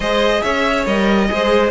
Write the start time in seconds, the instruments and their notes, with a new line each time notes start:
0.00 cello G#3, viola G#4, violin C5 D#5
0.42 cello C#4, violin C#5 E5
0.86 cello G3, viola A#4, violin D#5
1.27 cello G#3, viola G#4, violin C5